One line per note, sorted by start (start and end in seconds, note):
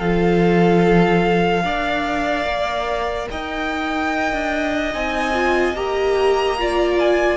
0.00 1.64 F3
0.00 1.63 F4
0.00 1.64 A4
0.00 3.29 F5
1.63 2.46 D4
1.63 4.92 A#4
1.63 3.29 D5
2.46 3.28 A#3
3.30 4.33 D#4
3.30 6.60 D#5
3.30 4.94 G5
4.33 4.95 D4
4.92 5.74 C4
4.92 5.33 D#4
4.92 5.77 G#5
5.34 5.75 F4
5.74 7.38 A#3
5.74 6.58 G4
5.74 6.99 A#5
6.59 7.38 F4
6.59 7.38 D5
6.99 7.38 G#5